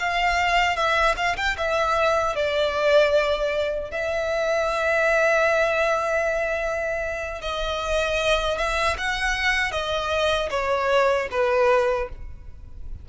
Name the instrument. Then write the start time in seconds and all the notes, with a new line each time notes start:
violin
0.00 F5
0.77 E5
1.17 F5
1.37 G5
1.58 E5
2.36 D5
3.91 E5
7.42 D#5
8.58 E5
8.98 F#5
9.72 D#5
10.51 C#5
11.32 B4